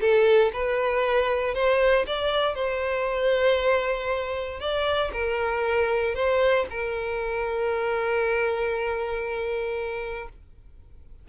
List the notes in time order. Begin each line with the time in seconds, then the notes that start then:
0.00 A4
0.53 B4
1.54 C5
2.07 D5
2.55 C5
4.60 D5
5.12 A#4
6.14 C5
6.70 A#4